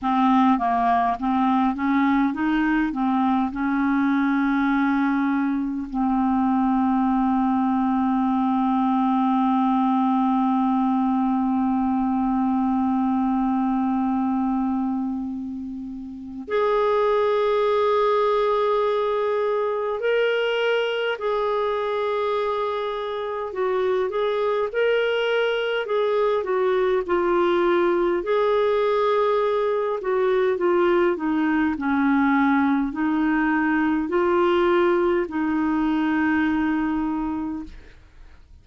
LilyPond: \new Staff \with { instrumentName = "clarinet" } { \time 4/4 \tempo 4 = 51 c'8 ais8 c'8 cis'8 dis'8 c'8 cis'4~ | cis'4 c'2.~ | c'1~ | c'2 gis'2~ |
gis'4 ais'4 gis'2 | fis'8 gis'8 ais'4 gis'8 fis'8 f'4 | gis'4. fis'8 f'8 dis'8 cis'4 | dis'4 f'4 dis'2 | }